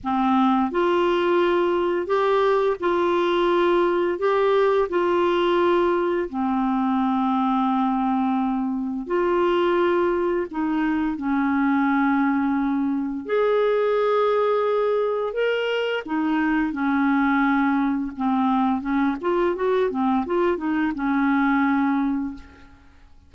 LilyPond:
\new Staff \with { instrumentName = "clarinet" } { \time 4/4 \tempo 4 = 86 c'4 f'2 g'4 | f'2 g'4 f'4~ | f'4 c'2.~ | c'4 f'2 dis'4 |
cis'2. gis'4~ | gis'2 ais'4 dis'4 | cis'2 c'4 cis'8 f'8 | fis'8 c'8 f'8 dis'8 cis'2 | }